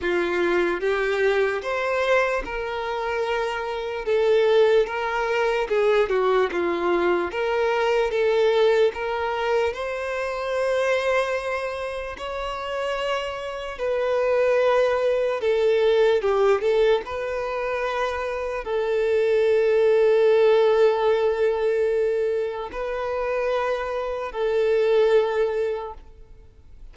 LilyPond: \new Staff \with { instrumentName = "violin" } { \time 4/4 \tempo 4 = 74 f'4 g'4 c''4 ais'4~ | ais'4 a'4 ais'4 gis'8 fis'8 | f'4 ais'4 a'4 ais'4 | c''2. cis''4~ |
cis''4 b'2 a'4 | g'8 a'8 b'2 a'4~ | a'1 | b'2 a'2 | }